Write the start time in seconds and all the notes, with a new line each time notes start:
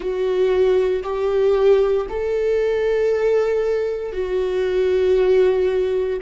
0.00 F#4
1.03 G4
2.09 A4
4.12 F#4